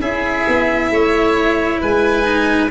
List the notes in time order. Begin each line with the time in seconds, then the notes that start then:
0.00 C#4 E4 G#4 E5
0.47 B3
0.90 A3 C#5
1.81 G#3 B4 G#5
2.22 D#4